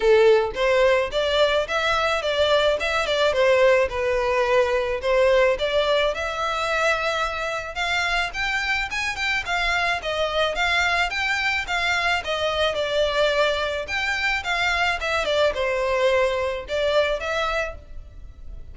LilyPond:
\new Staff \with { instrumentName = "violin" } { \time 4/4 \tempo 4 = 108 a'4 c''4 d''4 e''4 | d''4 e''8 d''8 c''4 b'4~ | b'4 c''4 d''4 e''4~ | e''2 f''4 g''4 |
gis''8 g''8 f''4 dis''4 f''4 | g''4 f''4 dis''4 d''4~ | d''4 g''4 f''4 e''8 d''8 | c''2 d''4 e''4 | }